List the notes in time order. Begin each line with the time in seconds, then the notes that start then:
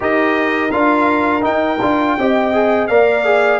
0.00 D#4 G4 A#4 D#5
0.71 D4 F4 F5
1.41 D#4 G5
1.81 D4 F4
2.18 C4 G4 D#5
2.53 G#4
2.87 A#3 A#4 D5 F5
3.25 G#4